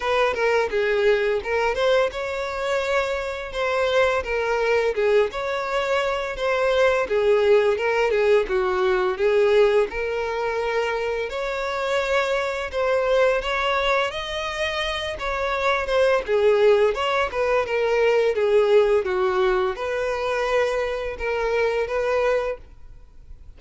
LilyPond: \new Staff \with { instrumentName = "violin" } { \time 4/4 \tempo 4 = 85 b'8 ais'8 gis'4 ais'8 c''8 cis''4~ | cis''4 c''4 ais'4 gis'8 cis''8~ | cis''4 c''4 gis'4 ais'8 gis'8 | fis'4 gis'4 ais'2 |
cis''2 c''4 cis''4 | dis''4. cis''4 c''8 gis'4 | cis''8 b'8 ais'4 gis'4 fis'4 | b'2 ais'4 b'4 | }